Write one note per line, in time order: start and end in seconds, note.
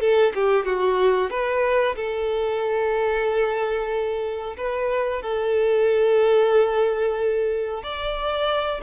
0.00 0.33 A4
0.35 0.65 G4
0.65 1.30 F#4
1.30 1.95 B4
1.95 4.56 A4
4.57 5.22 B4
5.22 7.83 A4
7.83 8.81 D5